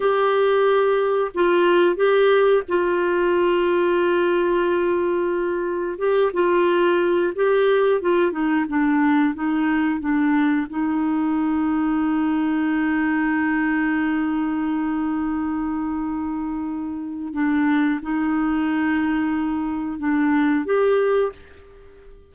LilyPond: \new Staff \with { instrumentName = "clarinet" } { \time 4/4 \tempo 4 = 90 g'2 f'4 g'4 | f'1~ | f'4 g'8 f'4. g'4 | f'8 dis'8 d'4 dis'4 d'4 |
dis'1~ | dis'1~ | dis'2 d'4 dis'4~ | dis'2 d'4 g'4 | }